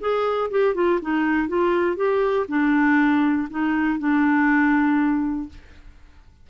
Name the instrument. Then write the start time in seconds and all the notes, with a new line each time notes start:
clarinet
0.00 G#4
0.50 G4
0.75 F4
1.01 D#4
1.48 F4
1.96 G4
2.48 D4
3.50 D#4
3.99 D4